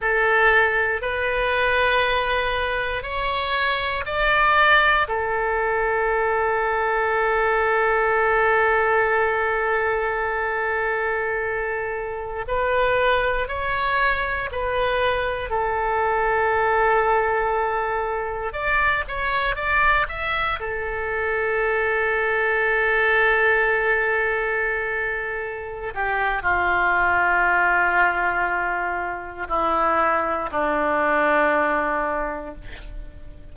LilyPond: \new Staff \with { instrumentName = "oboe" } { \time 4/4 \tempo 4 = 59 a'4 b'2 cis''4 | d''4 a'2.~ | a'1~ | a'16 b'4 cis''4 b'4 a'8.~ |
a'2~ a'16 d''8 cis''8 d''8 e''16~ | e''16 a'2.~ a'8.~ | a'4. g'8 f'2~ | f'4 e'4 d'2 | }